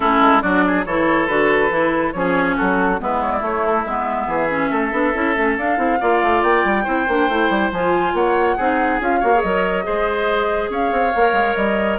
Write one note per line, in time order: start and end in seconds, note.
0.00 0.20 A3
0.00 0.42 C#4
0.00 0.42 E4
0.00 0.41 A4
0.20 0.42 G#3
0.41 0.85 F#3
0.41 0.85 D4
0.41 0.64 F#4
0.41 0.84 D5
0.67 0.85 G#4
0.85 1.28 E3
0.85 1.28 E4
0.85 2.14 A4
0.85 1.27 C#5
1.27 1.70 D3
1.27 1.70 F#4
1.27 2.12 B4
1.70 2.13 E3
1.70 2.13 E4
2.12 2.57 F3
2.12 2.98 C#4
2.12 2.56 G#4
2.12 2.55 C#5
2.56 3.00 F#3
2.56 2.99 F#4
2.56 3.00 A4
2.98 3.41 G#3
2.98 3.40 B3
2.98 4.27 E4
2.98 3.22 B4
3.22 3.31 C#5
3.31 3.42 D5
3.40 3.82 A3
3.40 3.84 A3
3.40 3.66 C#5
3.66 3.85 A4
3.85 4.27 G#3
3.85 4.49 B3
3.85 5.56 E5
4.27 4.69 E3
4.27 4.70 G#4
4.49 4.92 C#4
4.70 4.92 A3
4.70 5.99 A4
4.92 5.13 B3
4.92 5.13 D4
5.13 5.36 C#4
5.13 5.35 E4
5.36 5.57 A3
5.36 5.57 C#4
5.57 5.77 D4
5.57 5.76 D4
5.57 6.42 F5
5.76 5.99 C4
5.76 5.98 E4
6.00 6.22 A#3
6.00 6.84 F4
6.00 6.84 D5
6.22 6.42 A3
6.42 6.64 A#3
6.42 7.71 G5
6.64 6.86 G3
6.84 7.07 C4
6.84 7.05 E4
6.84 8.12 C5
7.07 7.28 A#3
7.07 7.30 D4
7.28 7.49 A3
7.28 7.73 E4
7.49 7.71 G3
7.71 8.13 F3
7.71 8.58 F4
7.71 8.14 G#5
8.13 8.56 A#3
8.13 8.56 C#5
8.13 9.00 F#5
8.56 9.00 C4
8.56 9.00 D#4
8.56 9.20 G#4
9.00 9.21 C#4
9.00 9.21 F4
9.00 9.41 F5
9.20 9.43 A#3
9.20 9.32 F#4
9.20 9.84 C#5
9.34 9.44 G#4
9.41 9.86 F#3
9.41 9.83 A#4
9.41 10.70 D#5
9.83 10.69 G#3
9.83 11.12 G#4
9.83 10.70 C5
10.69 10.91 C#4
10.69 11.98 C#5
10.69 11.55 F5
10.91 11.13 C4
11.15 11.32 A#3
11.15 11.98 A#4
11.32 11.54 G#3
11.55 11.98 G3
11.55 11.98 D#5